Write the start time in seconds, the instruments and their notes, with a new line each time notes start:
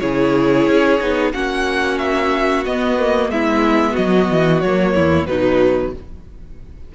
0.00 cello C#3, viola E4, violin G#4 C#5
0.67 cello C#4
1.00 cello B3, viola D#4
1.33 cello A#3, viola C#4, violin F#4 F#5
1.98 violin E5
2.65 viola B3, cello B3, violin D#5
2.99 viola A#3
3.29 cello G#3, viola B3, violin E4 E5
3.93 cello F#3, violin F#4 D#5
4.30 cello E3
4.60 cello F#3, violin C#5
4.66 viola A#3
4.95 cello E2, violin E4
5.27 cello B2, viola F#3, violin D#4 B4